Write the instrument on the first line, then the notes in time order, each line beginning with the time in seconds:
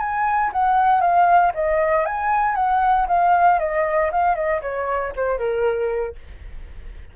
flute
0.00 G#5
0.53 F#5
1.01 F5
1.55 D#5
2.06 G#5
2.56 F#5
3.08 F5
3.60 D#5
4.12 F5
4.36 D#5
4.62 C#5
5.17 C5
5.39 A#4